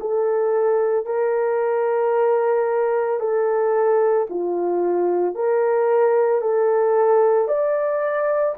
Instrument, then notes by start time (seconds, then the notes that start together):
horn
0.00 A4
1.06 A#4
3.20 A4
4.30 F4
5.35 A#4
6.41 A4
7.48 D5